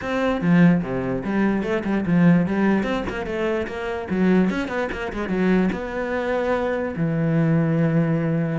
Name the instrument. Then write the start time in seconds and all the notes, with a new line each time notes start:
cello
0.01 C4
0.41 F3
0.82 C3
1.24 G3
1.63 A3
1.84 G3
2.05 F3
2.46 G3
2.83 C4
3.09 A#3
3.26 A3
3.67 A#3
4.09 F#3
4.50 C#4
4.68 B3
4.91 A#3
5.12 G#3
5.28 F#3
5.72 B3
6.96 E3